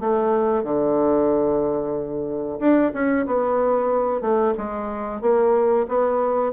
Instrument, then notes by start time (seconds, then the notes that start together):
bassoon
0.00 A3
0.63 D3
2.60 D4
2.94 C#4
3.26 B3
4.21 A3
4.58 G#3
5.21 A#3
5.89 B3